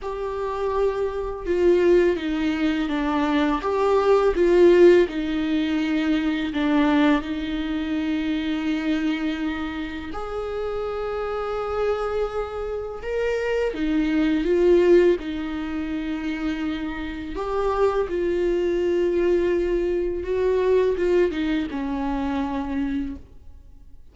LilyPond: \new Staff \with { instrumentName = "viola" } { \time 4/4 \tempo 4 = 83 g'2 f'4 dis'4 | d'4 g'4 f'4 dis'4~ | dis'4 d'4 dis'2~ | dis'2 gis'2~ |
gis'2 ais'4 dis'4 | f'4 dis'2. | g'4 f'2. | fis'4 f'8 dis'8 cis'2 | }